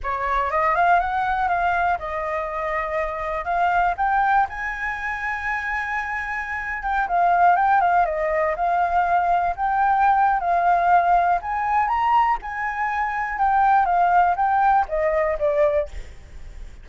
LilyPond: \new Staff \with { instrumentName = "flute" } { \time 4/4 \tempo 4 = 121 cis''4 dis''8 f''8 fis''4 f''4 | dis''2. f''4 | g''4 gis''2.~ | gis''4.~ gis''16 g''8 f''4 g''8 f''16~ |
f''16 dis''4 f''2 g''8.~ | g''4 f''2 gis''4 | ais''4 gis''2 g''4 | f''4 g''4 dis''4 d''4 | }